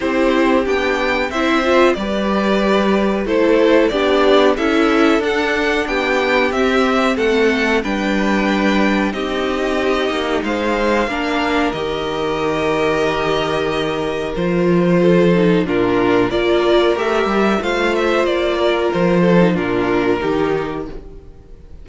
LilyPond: <<
  \new Staff \with { instrumentName = "violin" } { \time 4/4 \tempo 4 = 92 c''4 g''4 e''4 d''4~ | d''4 c''4 d''4 e''4 | fis''4 g''4 e''4 fis''4 | g''2 dis''2 |
f''2 dis''2~ | dis''2 c''2 | ais'4 d''4 e''4 f''8 e''8 | d''4 c''4 ais'2 | }
  \new Staff \with { instrumentName = "violin" } { \time 4/4 g'2 c''4 b'4~ | b'4 a'4 g'4 a'4~ | a'4 g'2 a'4 | b'2 g'2 |
c''4 ais'2.~ | ais'2. a'4 | f'4 ais'2 c''4~ | c''8 ais'4 a'8 f'4 g'4 | }
  \new Staff \with { instrumentName = "viola" } { \time 4/4 e'4 d'4 e'8 f'8 g'4~ | g'4 e'4 d'4 e'4 | d'2 c'2 | d'2 dis'2~ |
dis'4 d'4 g'2~ | g'2 f'4. dis'8 | d'4 f'4 g'4 f'4~ | f'4.~ f'16 dis'16 d'4 dis'4 | }
  \new Staff \with { instrumentName = "cello" } { \time 4/4 c'4 b4 c'4 g4~ | g4 a4 b4 cis'4 | d'4 b4 c'4 a4 | g2 c'4. ais8 |
gis4 ais4 dis2~ | dis2 f2 | ais,4 ais4 a8 g8 a4 | ais4 f4 ais,4 dis4 | }
>>